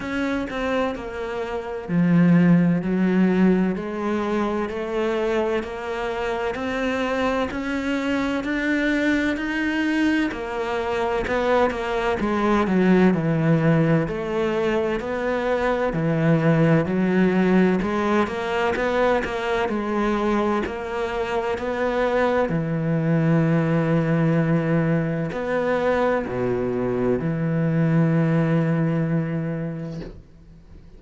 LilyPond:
\new Staff \with { instrumentName = "cello" } { \time 4/4 \tempo 4 = 64 cis'8 c'8 ais4 f4 fis4 | gis4 a4 ais4 c'4 | cis'4 d'4 dis'4 ais4 | b8 ais8 gis8 fis8 e4 a4 |
b4 e4 fis4 gis8 ais8 | b8 ais8 gis4 ais4 b4 | e2. b4 | b,4 e2. | }